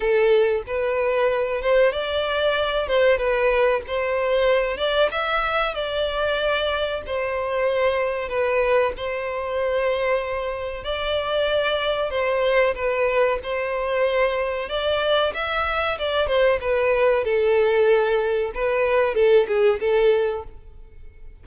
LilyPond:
\new Staff \with { instrumentName = "violin" } { \time 4/4 \tempo 4 = 94 a'4 b'4. c''8 d''4~ | d''8 c''8 b'4 c''4. d''8 | e''4 d''2 c''4~ | c''4 b'4 c''2~ |
c''4 d''2 c''4 | b'4 c''2 d''4 | e''4 d''8 c''8 b'4 a'4~ | a'4 b'4 a'8 gis'8 a'4 | }